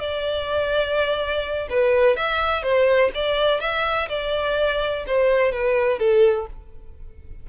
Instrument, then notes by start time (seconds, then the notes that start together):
violin
0.00 D5
1.70 B4
2.17 E5
2.63 C5
3.15 D5
3.61 E5
4.09 D5
5.07 C5
5.52 B4
5.99 A4